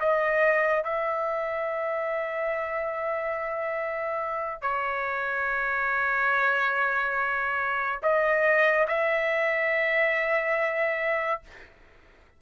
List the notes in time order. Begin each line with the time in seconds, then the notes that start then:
0.00 D#5
0.84 E5
4.62 C#5
8.03 D#5
8.88 E5